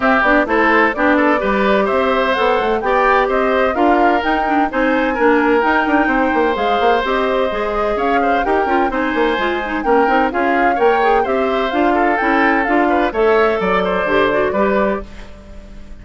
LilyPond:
<<
  \new Staff \with { instrumentName = "flute" } { \time 4/4 \tempo 4 = 128 e''8 d''8 c''4 d''2 | e''4 fis''4 g''4 dis''4 | f''4 g''4 gis''2 | g''2 f''4 dis''4~ |
dis''4 f''4 g''4 gis''4~ | gis''4 g''4 f''4 g''4 | e''4 f''4 g''4 f''4 | e''4 d''2. | }
  \new Staff \with { instrumentName = "oboe" } { \time 4/4 g'4 a'4 g'8 a'8 b'4 | c''2 d''4 c''4 | ais'2 c''4 ais'4~ | ais'4 c''2.~ |
c''4 cis''8 c''8 ais'4 c''4~ | c''4 ais'4 gis'4 cis''4 | c''4. a'2 b'8 | cis''4 d''8 c''4. b'4 | }
  \new Staff \with { instrumentName = "clarinet" } { \time 4/4 c'8 d'8 e'4 d'4 g'4~ | g'4 a'4 g'2 | f'4 dis'8 d'8 dis'4 d'4 | dis'2 gis'4 g'4 |
gis'2 g'8 f'8 dis'4 | f'8 dis'8 cis'8 dis'8 f'4 ais'8 gis'8 | g'4 f'4 e'4 f'4 | a'2 g'8 fis'8 g'4 | }
  \new Staff \with { instrumentName = "bassoon" } { \time 4/4 c'8 b8 a4 b4 g4 | c'4 b8 a8 b4 c'4 | d'4 dis'4 c'4 ais4 | dis'8 d'8 c'8 ais8 gis8 ais8 c'4 |
gis4 cis'4 dis'8 cis'8 c'8 ais8 | gis4 ais8 c'8 cis'4 ais4 | c'4 d'4 cis'4 d'4 | a4 fis4 d4 g4 | }
>>